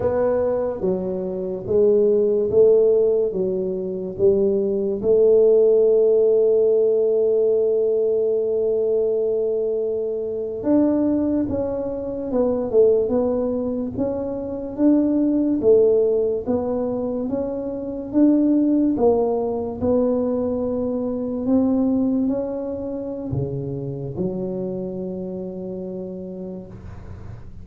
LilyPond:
\new Staff \with { instrumentName = "tuba" } { \time 4/4 \tempo 4 = 72 b4 fis4 gis4 a4 | fis4 g4 a2~ | a1~ | a8. d'4 cis'4 b8 a8 b16~ |
b8. cis'4 d'4 a4 b16~ | b8. cis'4 d'4 ais4 b16~ | b4.~ b16 c'4 cis'4~ cis'16 | cis4 fis2. | }